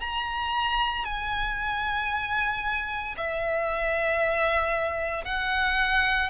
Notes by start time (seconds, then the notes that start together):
0.00 A#5
1.04 G#5
3.17 E5
5.24 F#5